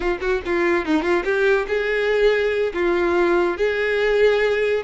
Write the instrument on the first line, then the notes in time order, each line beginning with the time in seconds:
violin
0.00 F4
0.20 F#4
0.45 F4
0.85 D#4
1.02 F4
1.24 G4
1.68 G#4
2.73 F4
3.57 G#4